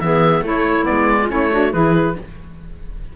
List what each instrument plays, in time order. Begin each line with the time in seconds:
0.00 cello E3, saxophone B3, clarinet G#4, oboe E5
0.41 cello A3, saxophone A3, clarinet E4, oboe C#5
0.83 saxophone B3, oboe D5
0.90 cello G#3
1.21 saxophone C#4, clarinet F4
1.30 cello A3, clarinet E4, oboe C#5
1.51 saxophone D4, clarinet F#4
1.71 cello E3, saxophone E4, clarinet G#4, oboe B4